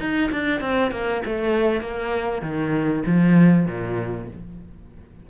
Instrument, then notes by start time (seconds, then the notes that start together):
cello
0.00 D#4
0.32 D4
0.61 C4
0.92 A#3
1.26 A3
1.81 A#3
2.42 D#3
3.06 F3
3.66 A#2